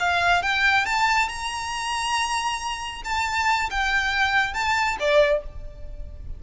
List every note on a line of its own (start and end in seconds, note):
0.00 0.43 F5
0.43 0.86 G5
0.86 1.29 A5
1.29 3.03 A#5
3.05 3.70 A5
3.71 4.54 G5
4.54 4.97 A5
5.00 5.43 D5